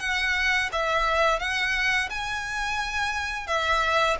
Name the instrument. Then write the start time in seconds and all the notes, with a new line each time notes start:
violin
0.00 F#5
0.72 E5
1.39 F#5
2.10 G#5
3.47 E5